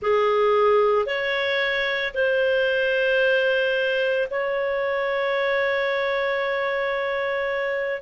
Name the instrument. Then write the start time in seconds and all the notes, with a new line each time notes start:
clarinet
0.02 G#4
1.06 C#5
2.14 C5
4.30 C#5